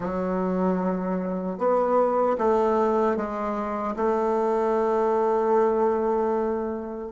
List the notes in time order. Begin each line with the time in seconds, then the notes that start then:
0.00 F#3
1.58 B3
2.38 A3
3.16 G#3
3.96 A3